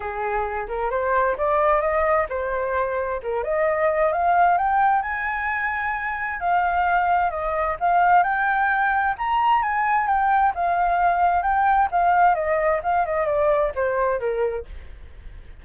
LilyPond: \new Staff \with { instrumentName = "flute" } { \time 4/4 \tempo 4 = 131 gis'4. ais'8 c''4 d''4 | dis''4 c''2 ais'8 dis''8~ | dis''4 f''4 g''4 gis''4~ | gis''2 f''2 |
dis''4 f''4 g''2 | ais''4 gis''4 g''4 f''4~ | f''4 g''4 f''4 dis''4 | f''8 dis''8 d''4 c''4 ais'4 | }